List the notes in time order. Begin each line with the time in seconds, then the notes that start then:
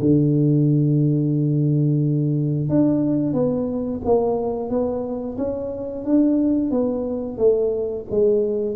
0.00 D3
2.69 D4
3.33 B3
4.05 A#3
4.70 B3
5.38 C#4
6.05 D4
6.71 B3
7.38 A3
8.11 G#3